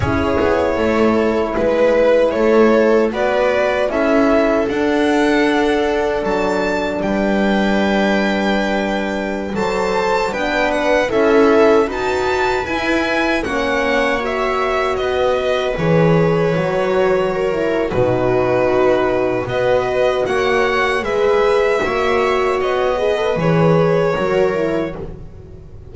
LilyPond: <<
  \new Staff \with { instrumentName = "violin" } { \time 4/4 \tempo 4 = 77 cis''2 b'4 cis''4 | d''4 e''4 fis''2 | a''4 g''2.~ | g''16 a''4 g''8 fis''8 e''4 a''8.~ |
a''16 gis''4 fis''4 e''4 dis''8.~ | dis''16 cis''2~ cis''8. b'4~ | b'4 dis''4 fis''4 e''4~ | e''4 dis''4 cis''2 | }
  \new Staff \with { instrumentName = "viola" } { \time 4/4 gis'4 a'4 b'4 a'4 | b'4 a'2.~ | a'4 b'2.~ | b'16 c''4 b'4 a'4 b'8.~ |
b'4~ b'16 cis''2 b'8.~ | b'2~ b'16 ais'8. fis'4~ | fis'4 b'4 cis''4 b'4 | cis''4. b'4. ais'4 | }
  \new Staff \with { instrumentName = "horn" } { \time 4/4 e'1 | fis'4 e'4 d'2~ | d'1~ | d'16 a'4 d'4 e'4 fis'8.~ |
fis'16 e'4 cis'4 fis'4.~ fis'16~ | fis'16 gis'4 fis'4~ fis'16 e'8 dis'4~ | dis'4 fis'2 gis'4 | fis'4. gis'16 a'16 gis'4 fis'8 e'8 | }
  \new Staff \with { instrumentName = "double bass" } { \time 4/4 cis'8 b8 a4 gis4 a4 | b4 cis'4 d'2 | fis4 g2.~ | g16 fis4 b4 cis'4 dis'8.~ |
dis'16 e'4 ais2 b8.~ | b16 e4 fis4.~ fis16 b,4~ | b,4 b4 ais4 gis4 | ais4 b4 e4 fis4 | }
>>